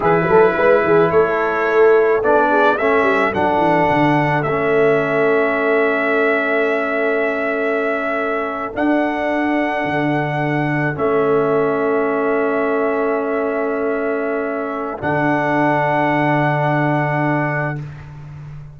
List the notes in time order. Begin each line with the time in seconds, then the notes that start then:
0.00 E3 E4 G#4 B4
0.28 F#3 A4
0.56 G#3 B4
0.83 E3 G#4
1.10 A3 A4 C#5
2.22 B3 D4 D5
2.50 G#4
2.77 A3 C#4 A4 E5
3.02 G3
3.33 F#3 D4 F#5
3.57 E3
3.89 D3
4.42 A3 E5
4.49 C#4
8.73 D4 F#5
9.84 D3
10.95 A3 C#4 E5
14.98 D3 D4 F#5